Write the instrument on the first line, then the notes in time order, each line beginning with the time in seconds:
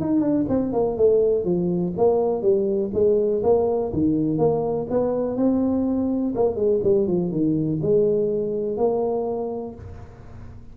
tuba
0.00 D#4
0.20 D4
0.49 C4
0.73 A#3
0.97 A3
1.44 F3
1.97 A#3
2.41 G3
2.93 G#3
3.43 A#3
3.92 D#3
4.38 A#3
4.89 B3
5.36 C4
6.35 A#3
6.55 G#3
6.83 G3
7.07 F3
7.31 D#3
7.81 G#3
8.77 A#3